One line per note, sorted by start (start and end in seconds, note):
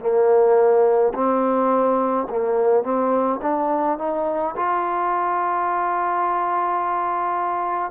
0.00 1.13 A#3
1.14 2.27 C4
2.30 2.84 A#3
2.84 3.40 C4
3.42 3.98 D4
3.98 4.55 D#4
4.56 7.91 F4